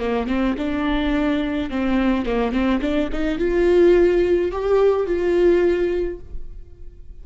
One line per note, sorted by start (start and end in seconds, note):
0.00 0.27 A#3
0.27 0.55 C4
0.58 1.70 D4
1.70 2.26 C4
2.26 2.52 A#3
2.52 2.80 C4
2.81 3.10 D4
3.13 3.39 D#4
3.39 4.52 F4
4.52 5.07 G4
5.07 6.20 F4